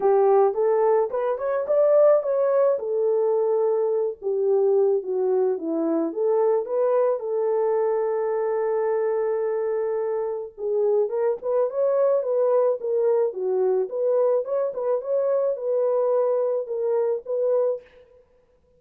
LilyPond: \new Staff \with { instrumentName = "horn" } { \time 4/4 \tempo 4 = 108 g'4 a'4 b'8 cis''8 d''4 | cis''4 a'2~ a'8 g'8~ | g'4 fis'4 e'4 a'4 | b'4 a'2.~ |
a'2. gis'4 | ais'8 b'8 cis''4 b'4 ais'4 | fis'4 b'4 cis''8 b'8 cis''4 | b'2 ais'4 b'4 | }